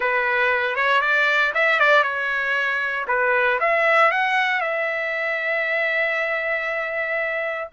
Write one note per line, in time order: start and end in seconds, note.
0.00 0.75 B4
0.75 1.01 C#5
1.01 1.52 D5
1.54 1.79 E5
1.79 2.03 D5
2.03 3.05 C#5
3.07 3.59 B4
3.60 4.11 E5
4.11 4.60 F#5
4.60 7.68 E5